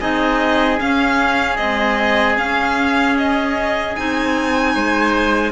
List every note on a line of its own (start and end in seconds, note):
0.00 0.80 C4
0.00 0.78 D#4
0.00 4.74 G#4
0.00 0.79 D#5
0.78 1.57 C#4
0.78 1.58 C#4
0.78 1.57 F5
1.57 2.37 G#3
1.57 2.37 C4
1.57 2.36 D#5
2.37 3.95 C#4
2.37 3.17 F5
3.17 3.96 D#5
3.96 4.75 C4
3.96 5.52 D#4
3.96 5.52 G#5
4.74 5.52 G#3
4.74 5.52 C5